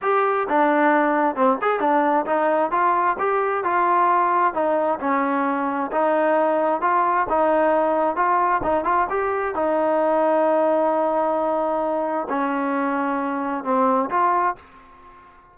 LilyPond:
\new Staff \with { instrumentName = "trombone" } { \time 4/4 \tempo 4 = 132 g'4 d'2 c'8 gis'8 | d'4 dis'4 f'4 g'4 | f'2 dis'4 cis'4~ | cis'4 dis'2 f'4 |
dis'2 f'4 dis'8 f'8 | g'4 dis'2.~ | dis'2. cis'4~ | cis'2 c'4 f'4 | }